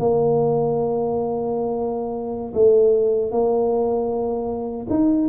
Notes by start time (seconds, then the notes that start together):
0.00 A#3
2.54 A3
3.32 A#3
4.90 D#4